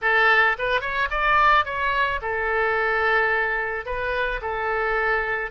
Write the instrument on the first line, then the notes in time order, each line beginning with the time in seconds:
oboe
0.02 A4
0.58 B4
0.81 C#5
1.10 D5
1.65 C#5
2.21 A4
3.85 B4
4.41 A4